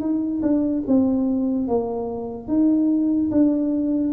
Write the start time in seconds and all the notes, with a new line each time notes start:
0.00 D#4
0.42 D4
0.87 C4
1.68 A#3
2.48 D#4
3.31 D4